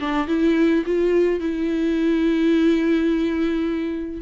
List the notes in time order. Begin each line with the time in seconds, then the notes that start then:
0.00 D4
0.28 E4
0.86 F4
1.40 E4